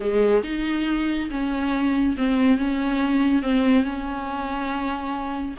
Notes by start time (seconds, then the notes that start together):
0.00 G#3
0.43 D#4
1.30 C#4
2.17 C4
2.58 C#4
3.42 C4
3.83 C#4